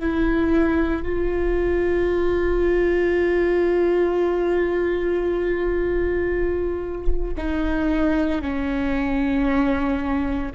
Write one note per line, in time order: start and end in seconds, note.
0.00 1.03 E4
1.03 7.34 F4
7.38 8.42 D#4
8.42 10.53 C#4